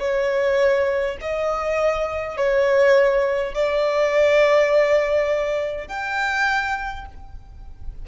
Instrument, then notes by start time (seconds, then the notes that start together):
violin
0.00 C#5
1.21 D#5
2.37 C#5
3.55 D5
5.88 G5